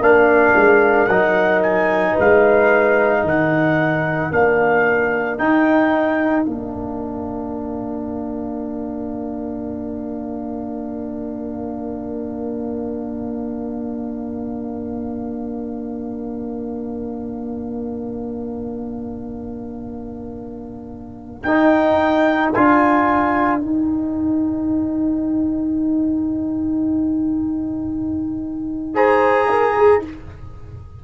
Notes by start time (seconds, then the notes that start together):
0.00 A#3 D4 A#4 F5
0.56 G#3
1.07 F#3 D#4 F#5
1.62 G#5
2.12 B4
2.19 G#3 F5
3.23 D#3 A#4 F#5
4.31 A#3 D4 F5
5.38 D#4 G5
6.45 A#3 D4 F5
21.43 D#4 G5
22.53 D4 F4 G#5
23.60 D#4 G5
28.94 G#4 C5 A#5
29.49 A#4
29.77 G#4